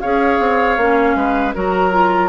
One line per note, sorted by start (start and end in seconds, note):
0.00 0.39 C#4
0.00 0.79 G#4
0.00 1.17 C#5
0.00 1.54 F5
0.39 0.77 C4
0.77 1.15 A#3
0.77 1.55 C#4
1.15 1.54 G#3
1.15 1.55 B4
1.55 2.29 F#3
1.55 1.91 F#4
1.55 2.29 A#4
1.55 2.29 A#5
1.91 2.29 F4